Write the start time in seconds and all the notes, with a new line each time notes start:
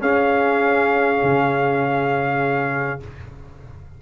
0.00 C#4 G#4 F5
1.23 C#3